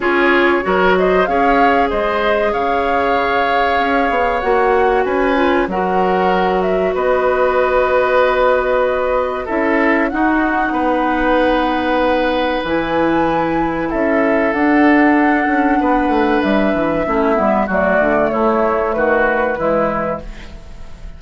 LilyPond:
<<
  \new Staff \with { instrumentName = "flute" } { \time 4/4 \tempo 4 = 95 cis''4. dis''8 f''4 dis''4 | f''2. fis''4 | gis''4 fis''4. e''8 dis''4~ | dis''2. e''4 |
fis''1 | gis''2 e''4 fis''4~ | fis''2 e''2 | d''4 cis''4 b'2 | }
  \new Staff \with { instrumentName = "oboe" } { \time 4/4 gis'4 ais'8 c''8 cis''4 c''4 | cis''1 | b'4 ais'2 b'4~ | b'2. a'4 |
fis'4 b'2.~ | b'2 a'2~ | a'4 b'2 e'4 | fis'4 e'4 fis'4 e'4 | }
  \new Staff \with { instrumentName = "clarinet" } { \time 4/4 f'4 fis'4 gis'2~ | gis'2. fis'4~ | fis'8 f'8 fis'2.~ | fis'2. e'4 |
dis'1 | e'2. d'4~ | d'2. cis'8 b8 | a2. gis4 | }
  \new Staff \with { instrumentName = "bassoon" } { \time 4/4 cis'4 fis4 cis'4 gis4 | cis2 cis'8 b8 ais4 | cis'4 fis2 b4~ | b2. cis'4 |
dis'4 b2. | e2 cis'4 d'4~ | d'8 cis'8 b8 a8 g8 e8 a8 g8 | fis8 d8 a4 dis4 e4 | }
>>